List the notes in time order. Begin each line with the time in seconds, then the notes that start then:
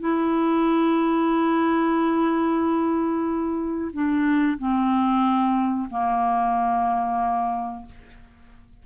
0.00 E4
3.93 D4
4.59 C4
5.90 A#3